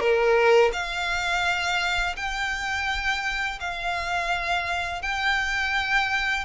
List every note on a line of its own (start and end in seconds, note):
0.00 0.71 A#4
0.73 2.16 F5
2.17 3.60 G5
3.60 5.02 F5
5.02 6.45 G5